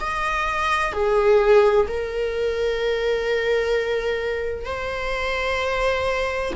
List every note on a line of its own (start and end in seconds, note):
0.00 0.92 D#5
0.92 1.86 G#4
1.87 4.65 A#4
4.65 6.53 C5